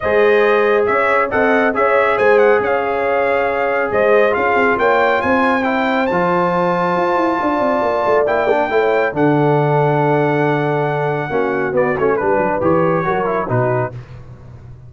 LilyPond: <<
  \new Staff \with { instrumentName = "trumpet" } { \time 4/4 \tempo 4 = 138 dis''2 e''4 fis''4 | e''4 gis''8 fis''8 f''2~ | f''4 dis''4 f''4 g''4 | gis''4 g''4 a''2~ |
a''2. g''4~ | g''4 fis''2.~ | fis''2. d''8 cis''8 | b'4 cis''2 b'4 | }
  \new Staff \with { instrumentName = "horn" } { \time 4/4 c''2 cis''4 dis''4 | cis''4 c''4 cis''2~ | cis''4 c''4 gis'4 cis''4 | c''1~ |
c''4 d''2. | cis''4 a'2.~ | a'2 fis'2 | b'2 ais'4 fis'4 | }
  \new Staff \with { instrumentName = "trombone" } { \time 4/4 gis'2. a'4 | gis'1~ | gis'2 f'2~ | f'4 e'4 f'2~ |
f'2. e'8 d'8 | e'4 d'2.~ | d'2 cis'4 b8 cis'8 | d'4 g'4 fis'8 e'8 dis'4 | }
  \new Staff \with { instrumentName = "tuba" } { \time 4/4 gis2 cis'4 c'4 | cis'4 gis4 cis'2~ | cis'4 gis4 cis'8 c'8 ais4 | c'2 f2 |
f'8 e'8 d'8 c'8 ais8 a8 ais4 | a4 d2.~ | d2 ais4 b8 a8 | g8 fis8 e4 fis4 b,4 | }
>>